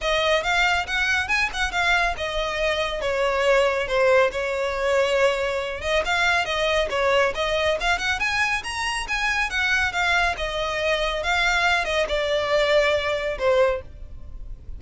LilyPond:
\new Staff \with { instrumentName = "violin" } { \time 4/4 \tempo 4 = 139 dis''4 f''4 fis''4 gis''8 fis''8 | f''4 dis''2 cis''4~ | cis''4 c''4 cis''2~ | cis''4. dis''8 f''4 dis''4 |
cis''4 dis''4 f''8 fis''8 gis''4 | ais''4 gis''4 fis''4 f''4 | dis''2 f''4. dis''8 | d''2. c''4 | }